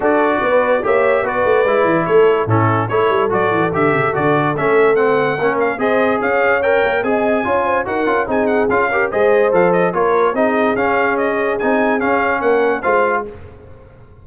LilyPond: <<
  \new Staff \with { instrumentName = "trumpet" } { \time 4/4 \tempo 4 = 145 d''2 e''4 d''4~ | d''4 cis''4 a'4 cis''4 | d''4 e''4 d''4 e''4 | fis''4. f''8 dis''4 f''4 |
g''4 gis''2 fis''4 | gis''8 fis''8 f''4 dis''4 f''8 dis''8 | cis''4 dis''4 f''4 dis''4 | gis''4 f''4 fis''4 f''4 | }
  \new Staff \with { instrumentName = "horn" } { \time 4/4 a'4 b'4 cis''4 b'4~ | b'4 a'4 e'4 a'4~ | a'1~ | a'4 ais'4 c''4 cis''4~ |
cis''4 dis''4 cis''8 c''8 ais'4 | gis'4. ais'8 c''2 | ais'4 gis'2.~ | gis'2 ais'4 c''4 | }
  \new Staff \with { instrumentName = "trombone" } { \time 4/4 fis'2 g'4 fis'4 | e'2 cis'4 e'4 | fis'4 g'4 fis'4 cis'4 | c'4 cis'4 gis'2 |
ais'4 gis'4 f'4 fis'8 f'8 | dis'4 f'8 g'8 gis'4 a'4 | f'4 dis'4 cis'2 | dis'4 cis'2 f'4 | }
  \new Staff \with { instrumentName = "tuba" } { \time 4/4 d'4 b4 ais4 b8 a8 | gis8 e8 a4 a,4 a8 g8 | fis8 e8 d8 cis8 d4 a4~ | a4 ais4 c'4 cis'4~ |
cis'8 ais8 c'4 cis'4 dis'8 cis'8 | c'4 cis'4 gis4 f4 | ais4 c'4 cis'2 | c'4 cis'4 ais4 gis4 | }
>>